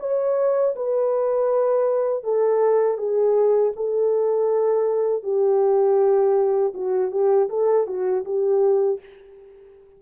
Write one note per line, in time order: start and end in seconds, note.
0.00 0.75 C#5
0.76 2.24 B4
2.24 2.98 A4
2.98 3.73 G#4
3.76 5.24 A4
5.24 6.74 G4
6.74 7.11 F#4
7.11 7.49 G4
7.49 7.87 A4
7.87 8.25 F#4
8.25 9.00 G4